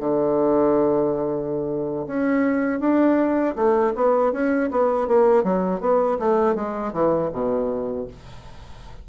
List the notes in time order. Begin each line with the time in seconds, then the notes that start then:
0.00 D3
2.07 C#4
2.80 D4
3.56 A3
3.95 B3
4.33 C#4
4.71 B3
5.08 A#3
5.44 F#3
5.81 B3
6.19 A3
6.56 G#3
6.93 E3
7.33 B2